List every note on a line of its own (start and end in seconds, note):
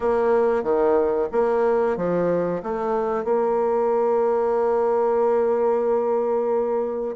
0.00 0.63 A#3
0.63 1.28 D#3
1.32 1.97 A#3
1.97 2.62 F3
2.62 3.24 A3
3.24 7.16 A#3